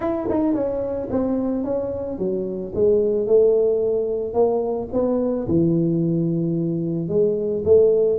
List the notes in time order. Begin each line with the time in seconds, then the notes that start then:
0.00 E4
0.29 D#4
0.54 C#4
1.10 C4
1.63 C#4
2.18 F#3
2.74 G#3
3.27 A3
4.33 A#3
4.92 B3
5.47 E3
7.08 G#3
7.64 A3